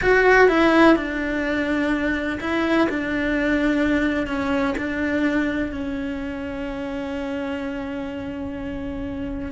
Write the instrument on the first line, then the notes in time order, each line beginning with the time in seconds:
cello
0.01 F#4
0.48 E4
0.95 D4
2.40 E4
2.89 D4
4.27 C#4
4.77 D4
5.71 C#4